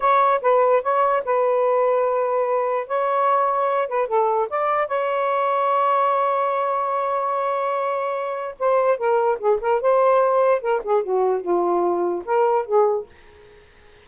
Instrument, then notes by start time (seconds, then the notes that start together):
saxophone
0.00 C#5
0.41 B4
0.82 C#5
1.24 B4
2.87 C#5
3.88 B4
4.07 A4
4.49 D5
4.87 C#5
8.59 C5
8.97 A#4
9.39 G#4
9.60 A#4
9.81 C5
10.61 A#4
10.83 G#4
11.03 F#4
11.41 F4
12.25 A#4
12.65 G#4